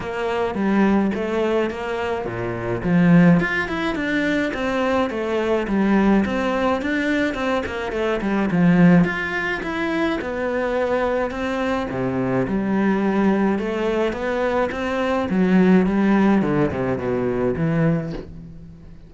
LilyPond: \new Staff \with { instrumentName = "cello" } { \time 4/4 \tempo 4 = 106 ais4 g4 a4 ais4 | ais,4 f4 f'8 e'8 d'4 | c'4 a4 g4 c'4 | d'4 c'8 ais8 a8 g8 f4 |
f'4 e'4 b2 | c'4 c4 g2 | a4 b4 c'4 fis4 | g4 d8 c8 b,4 e4 | }